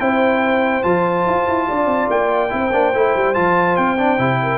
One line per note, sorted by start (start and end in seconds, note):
0.00 0.84 C4
0.00 0.84 E4
0.00 1.69 C5
0.00 0.83 G5
0.83 1.26 F3
0.83 2.50 F4
0.83 2.09 A5
1.27 1.48 F4
1.48 1.69 E4
1.69 1.87 D4
1.69 2.53 D5
1.87 2.08 C4
2.10 2.52 A#3
2.10 3.35 G5
2.50 2.73 C4
2.50 2.71 E4
2.50 4.42 C5
2.73 2.94 A#3
2.73 2.94 D4
2.94 3.15 A3
2.94 3.35 E4
3.16 3.37 G3
3.35 3.78 F3
3.35 3.98 F4
3.35 3.77 A5
3.77 4.19 C4
3.77 4.58 G5
3.98 4.19 D4
4.19 4.58 C3
4.19 4.58 E4
4.43 4.58 A#4